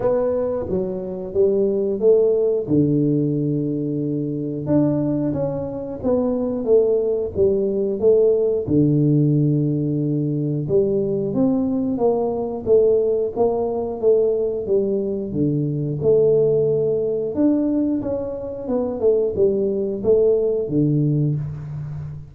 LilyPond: \new Staff \with { instrumentName = "tuba" } { \time 4/4 \tempo 4 = 90 b4 fis4 g4 a4 | d2. d'4 | cis'4 b4 a4 g4 | a4 d2. |
g4 c'4 ais4 a4 | ais4 a4 g4 d4 | a2 d'4 cis'4 | b8 a8 g4 a4 d4 | }